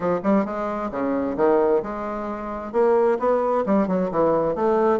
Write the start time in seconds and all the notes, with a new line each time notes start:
0.00 F3
0.23 G3
0.45 G#3
0.91 C#3
1.37 D#3
1.82 G#3
2.72 A#3
3.19 B3
3.65 G3
3.87 F#3
4.11 E3
4.55 A3